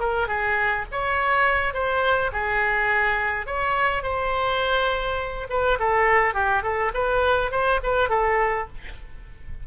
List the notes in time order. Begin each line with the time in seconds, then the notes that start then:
0.00 A#4
0.28 G#4
0.92 C#5
1.74 C5
2.33 G#4
3.47 C#5
4.03 C5
5.50 B4
5.80 A4
6.34 G4
6.63 A4
6.95 B4
7.52 C5
7.84 B4
8.10 A4